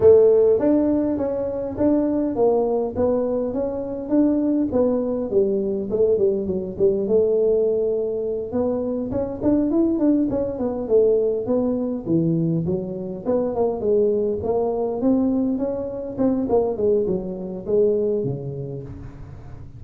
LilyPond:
\new Staff \with { instrumentName = "tuba" } { \time 4/4 \tempo 4 = 102 a4 d'4 cis'4 d'4 | ais4 b4 cis'4 d'4 | b4 g4 a8 g8 fis8 g8 | a2~ a8 b4 cis'8 |
d'8 e'8 d'8 cis'8 b8 a4 b8~ | b8 e4 fis4 b8 ais8 gis8~ | gis8 ais4 c'4 cis'4 c'8 | ais8 gis8 fis4 gis4 cis4 | }